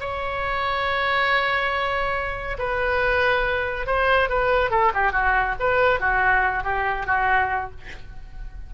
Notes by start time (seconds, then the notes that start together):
0.00 C#5
2.59 B4
3.86 C5
4.29 B4
4.71 A4
4.94 G4
5.12 F#4
5.60 B4
6.00 F#4
6.64 G4
7.07 F#4